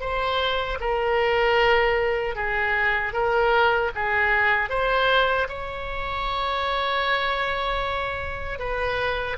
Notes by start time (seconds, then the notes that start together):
0.00 C5
0.80 A#4
2.35 G#4
3.13 A#4
3.95 G#4
4.69 C5
5.48 C#5
8.59 B4